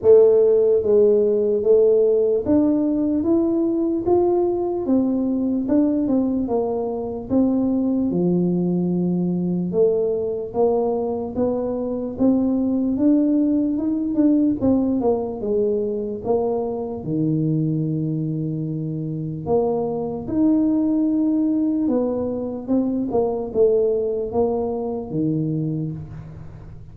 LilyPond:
\new Staff \with { instrumentName = "tuba" } { \time 4/4 \tempo 4 = 74 a4 gis4 a4 d'4 | e'4 f'4 c'4 d'8 c'8 | ais4 c'4 f2 | a4 ais4 b4 c'4 |
d'4 dis'8 d'8 c'8 ais8 gis4 | ais4 dis2. | ais4 dis'2 b4 | c'8 ais8 a4 ais4 dis4 | }